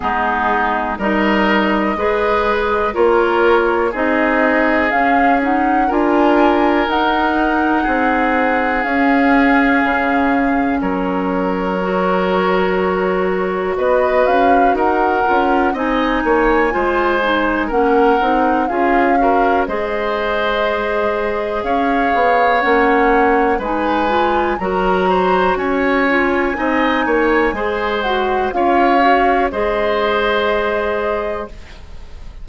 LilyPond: <<
  \new Staff \with { instrumentName = "flute" } { \time 4/4 \tempo 4 = 61 gis'4 dis''2 cis''4 | dis''4 f''8 fis''8 gis''4 fis''4~ | fis''4 f''2 cis''4~ | cis''2 dis''8 f''8 fis''4 |
gis''2 fis''4 f''4 | dis''2 f''4 fis''4 | gis''4 ais''4 gis''2~ | gis''8 fis''8 f''4 dis''2 | }
  \new Staff \with { instrumentName = "oboe" } { \time 4/4 dis'4 ais'4 b'4 ais'4 | gis'2 ais'2 | gis'2. ais'4~ | ais'2 b'4 ais'4 |
dis''8 cis''8 c''4 ais'4 gis'8 ais'8 | c''2 cis''2 | b'4 ais'8 c''8 cis''4 dis''8 cis''8 | c''4 cis''4 c''2 | }
  \new Staff \with { instrumentName = "clarinet" } { \time 4/4 b4 dis'4 gis'4 f'4 | dis'4 cis'8 dis'8 f'4 dis'4~ | dis'4 cis'2. | fis'2.~ fis'8 f'8 |
dis'4 f'8 dis'8 cis'8 dis'8 f'8 fis'8 | gis'2. cis'4 | dis'8 f'8 fis'4. f'8 dis'4 | gis'8 fis'8 f'8 fis'8 gis'2 | }
  \new Staff \with { instrumentName = "bassoon" } { \time 4/4 gis4 g4 gis4 ais4 | c'4 cis'4 d'4 dis'4 | c'4 cis'4 cis4 fis4~ | fis2 b8 cis'8 dis'8 cis'8 |
c'8 ais8 gis4 ais8 c'8 cis'4 | gis2 cis'8 b8 ais4 | gis4 fis4 cis'4 c'8 ais8 | gis4 cis'4 gis2 | }
>>